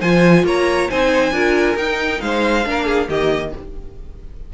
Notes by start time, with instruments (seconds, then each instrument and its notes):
0.00 cello F3, viola F4, violin C5 G#5
0.44 cello A#3, violin C#5 A#5
0.90 cello C4, viola D#4, violin C5 G#5
1.32 cello D4, viola F4, violin A#4
1.76 cello D#4, viola D#4, violin G5
2.21 cello G#3, violin C5 F5
2.64 cello A#3, viola D4
2.71 violin A#4
2.86 violin G#4
3.09 cello D#3, viola A#3, violin G4 D#5